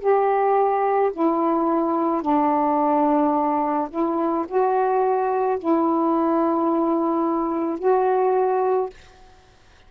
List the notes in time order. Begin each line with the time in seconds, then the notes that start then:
0.00 G4
1.13 E4
2.22 D4
3.90 E4
4.48 F#4
5.59 E4
7.79 F#4